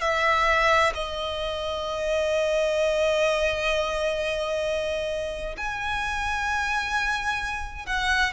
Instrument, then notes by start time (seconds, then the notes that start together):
violin
0.00 E5
0.94 D#5
5.57 G#5
7.86 F#5